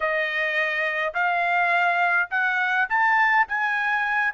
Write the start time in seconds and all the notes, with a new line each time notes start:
0.00 D#5
1.14 F5
2.30 F#5
2.89 A5
3.47 G#5